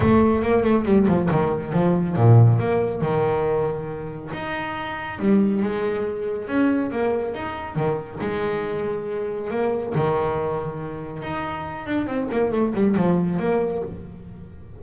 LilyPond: \new Staff \with { instrumentName = "double bass" } { \time 4/4 \tempo 4 = 139 a4 ais8 a8 g8 f8 dis4 | f4 ais,4 ais4 dis4~ | dis2 dis'2 | g4 gis2 cis'4 |
ais4 dis'4 dis4 gis4~ | gis2 ais4 dis4~ | dis2 dis'4. d'8 | c'8 ais8 a8 g8 f4 ais4 | }